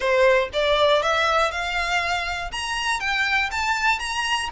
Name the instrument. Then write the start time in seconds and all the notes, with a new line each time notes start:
violin
0.00 C5
0.53 D5
1.02 E5
1.51 F5
2.51 A#5
3.00 G5
3.51 A5
3.99 A#5